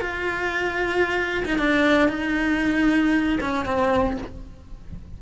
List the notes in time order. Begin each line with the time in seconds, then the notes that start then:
0.00 F4
1.45 D#4
1.58 D4
2.08 D#4
3.40 C#4
3.65 C4